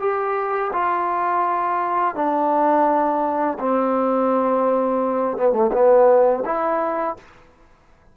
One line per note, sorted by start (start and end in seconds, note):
0.00 0.71 G4
0.73 2.16 F4
2.16 3.58 D4
3.59 5.38 C4
5.38 5.53 B3
5.53 5.71 A3
5.73 6.44 B3
6.45 7.17 E4